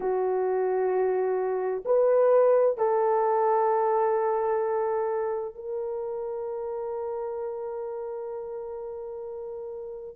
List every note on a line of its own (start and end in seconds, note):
0.00 1.84 F#4
1.85 2.77 B4
2.77 5.54 A4
5.54 10.15 A#4